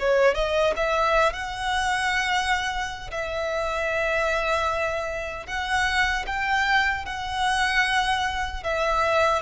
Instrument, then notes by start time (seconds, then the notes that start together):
violin
0.00 C#5
0.35 D#5
0.76 E5
1.33 F#5
3.11 E5
5.47 F#5
6.27 G5
7.06 F#5
8.63 E5